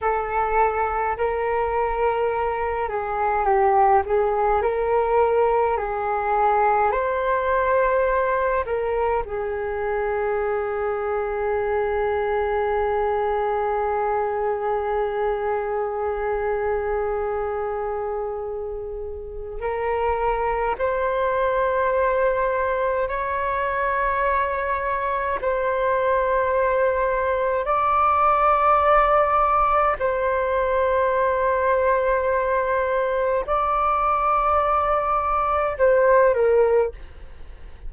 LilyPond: \new Staff \with { instrumentName = "flute" } { \time 4/4 \tempo 4 = 52 a'4 ais'4. gis'8 g'8 gis'8 | ais'4 gis'4 c''4. ais'8 | gis'1~ | gis'1~ |
gis'4 ais'4 c''2 | cis''2 c''2 | d''2 c''2~ | c''4 d''2 c''8 ais'8 | }